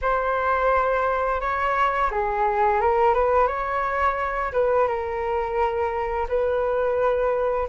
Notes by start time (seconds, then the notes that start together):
0.01 C5
1.40 C#5
2.11 G#4
2.80 A#4
3.14 B4
3.47 C#5
4.52 B4
4.87 A#4
6.28 B4